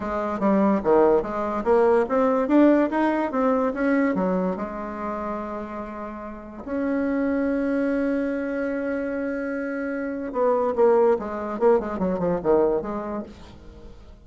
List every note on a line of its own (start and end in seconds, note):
0.00 0.39 G#3
0.39 0.81 G3
0.83 1.22 D#3
1.22 1.63 G#3
1.64 2.05 A#3
2.09 2.48 C4
2.48 2.89 D4
2.90 3.31 D#4
3.31 3.72 C4
3.74 4.15 C#4
4.15 4.56 F#3
4.56 6.63 G#3
6.65 10.32 C#4
10.32 10.73 B3
10.75 11.17 A#3
11.18 11.59 G#3
11.59 11.79 A#3
11.79 11.98 G#3
11.98 12.19 F#3
12.19 12.39 F3
12.42 12.81 D#3
12.81 13.23 G#3